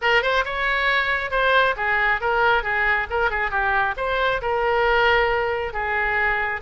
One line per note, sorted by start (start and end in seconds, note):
0.01 0.22 A#4
0.22 0.44 C5
0.44 1.31 C#5
1.31 1.75 C5
1.76 2.20 G#4
2.20 2.63 A#4
2.63 3.07 G#4
3.10 3.30 A#4
3.30 3.50 G#4
3.50 3.94 G4
3.97 4.41 C5
4.41 5.73 A#4
5.73 6.61 G#4